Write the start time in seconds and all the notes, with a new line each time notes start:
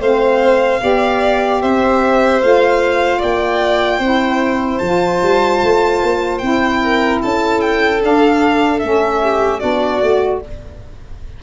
0.00 A3 C4 C5 F5
0.81 B3 G4 D5
1.62 C4 C5 E5
2.41 A3 F4 F5
3.18 A#3 D5 G5
3.98 C4 E4 C5
4.78 F3 F4 A5
5.23 G3
5.63 A3
6.03 A#3
6.39 C4 E4 G5
6.83 A#4
7.22 C#4 A4 A5
7.61 G5
8.00 D4 F5
8.79 A3 C#4 E5
9.22 G4
9.60 B3 D4 F#4 D5
10.02 A3 F#4